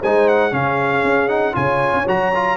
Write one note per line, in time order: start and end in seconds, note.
0.00 0.53 G#3
0.00 0.51 D#4
0.00 0.51 C5
0.00 0.29 G#5
0.29 0.54 F#5
0.51 1.04 C#3
0.51 1.28 C#4
0.51 1.55 G#4
0.51 1.29 F5
1.04 1.55 C#4
1.29 1.53 D#4
1.29 1.54 F#5
1.53 1.93 C#3
1.53 2.04 F4
1.53 2.57 C#5
1.53 2.07 G#5
1.93 2.06 C#4
2.07 2.57 F#3
2.07 2.33 F#4
2.07 2.57 A#5
2.35 2.57 F4